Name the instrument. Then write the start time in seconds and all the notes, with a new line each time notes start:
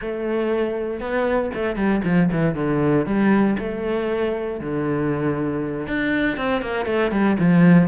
cello
0.01 A3
1.00 B3
1.54 A3
1.75 G3
2.04 F3
2.31 E3
2.54 D3
3.06 G3
3.58 A3
4.60 D3
5.87 D4
6.37 C4
6.61 A#3
6.85 A3
7.11 G3
7.39 F3